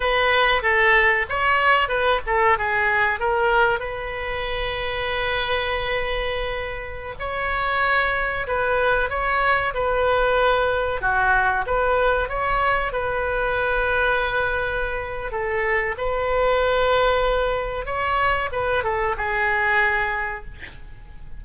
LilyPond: \new Staff \with { instrumentName = "oboe" } { \time 4/4 \tempo 4 = 94 b'4 a'4 cis''4 b'8 a'8 | gis'4 ais'4 b'2~ | b'2.~ b'16 cis''8.~ | cis''4~ cis''16 b'4 cis''4 b'8.~ |
b'4~ b'16 fis'4 b'4 cis''8.~ | cis''16 b'2.~ b'8. | a'4 b'2. | cis''4 b'8 a'8 gis'2 | }